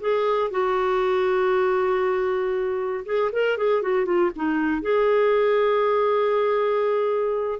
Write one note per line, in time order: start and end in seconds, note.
0.00 0.50 G#4
0.50 3.05 F#4
3.05 3.31 G#4
3.32 3.57 A#4
3.57 3.82 G#4
3.82 4.05 F#4
4.05 4.31 F4
4.36 4.82 D#4
4.82 7.59 G#4